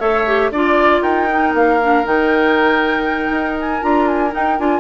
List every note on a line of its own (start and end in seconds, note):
0.00 0.51 A3
0.00 0.26 A4
0.00 0.51 C#5
0.00 0.51 E5
0.26 0.52 G4
0.51 1.02 D4
0.51 1.29 F4
0.51 1.02 D5
1.02 1.53 D#4
1.02 4.80 A#4
1.02 1.53 G5
1.29 1.80 D#4
1.54 2.04 A#3
1.54 2.06 F5
1.81 2.04 D4
2.04 3.30 D#3
2.04 3.81 D#4
2.04 3.59 G5
3.30 3.81 D#4
3.60 3.83 G#5
3.81 4.34 D4
3.81 4.31 F4
3.81 4.07 A#5
4.07 4.33 G#5
4.31 4.56 D#4
4.31 4.59 D#4
4.31 4.59 G5
4.59 4.80 D4
4.59 4.80 F4
4.59 4.80 G#5